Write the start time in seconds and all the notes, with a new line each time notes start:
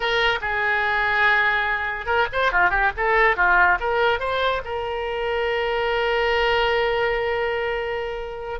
0.00 A#4
0.41 G#4
2.06 A#4
2.32 C5
2.52 F4
2.70 G4
2.96 A4
3.36 F4
3.80 A#4
4.19 C5
4.65 A#4